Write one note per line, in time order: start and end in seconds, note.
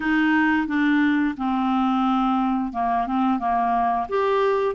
0.00 0.67 D#4
0.67 1.35 D4
1.37 2.72 C4
2.72 3.07 A#3
3.07 3.39 C4
3.39 4.07 A#3
4.08 4.75 G4